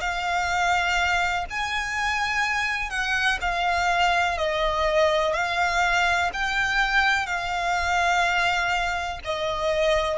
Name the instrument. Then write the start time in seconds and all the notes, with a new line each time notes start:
violin
0.00 F5
1.50 G#5
2.90 F#5
3.41 F5
4.38 D#5
5.34 F5
6.33 G5
7.26 F5
9.24 D#5